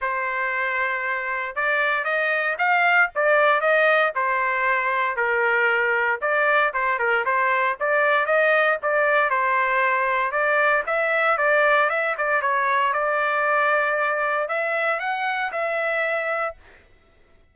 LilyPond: \new Staff \with { instrumentName = "trumpet" } { \time 4/4 \tempo 4 = 116 c''2. d''4 | dis''4 f''4 d''4 dis''4 | c''2 ais'2 | d''4 c''8 ais'8 c''4 d''4 |
dis''4 d''4 c''2 | d''4 e''4 d''4 e''8 d''8 | cis''4 d''2. | e''4 fis''4 e''2 | }